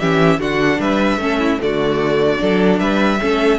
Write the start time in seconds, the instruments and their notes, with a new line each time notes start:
0.00 cello E3, viola C#4, violin G4 E5
0.39 cello D3, viola D4, violin F#4 F#5
0.80 cello G3, violin B4 E5
1.18 cello A3, viola C#4, violin A4
1.39 violin E4
1.60 cello D3, viola A3, violin F#4 D5
2.38 cello F#3, viola D4, violin A4
2.80 cello G3, violin B4 E5
3.21 cello A3, viola C#4, violin A4